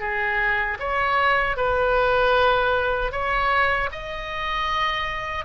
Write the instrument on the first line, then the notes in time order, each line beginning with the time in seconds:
oboe
0.00 G#4
0.79 C#5
1.57 B4
3.12 C#5
3.92 D#5